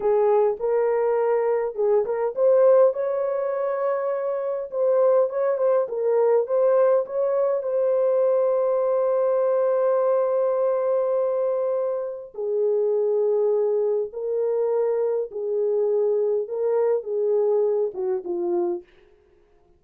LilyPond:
\new Staff \with { instrumentName = "horn" } { \time 4/4 \tempo 4 = 102 gis'4 ais'2 gis'8 ais'8 | c''4 cis''2. | c''4 cis''8 c''8 ais'4 c''4 | cis''4 c''2.~ |
c''1~ | c''4 gis'2. | ais'2 gis'2 | ais'4 gis'4. fis'8 f'4 | }